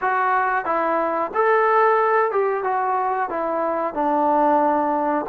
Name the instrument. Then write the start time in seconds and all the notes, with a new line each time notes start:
trombone
0.01 F#4
0.65 E4
1.34 A4
2.31 G4
2.63 F#4
3.29 E4
3.94 D4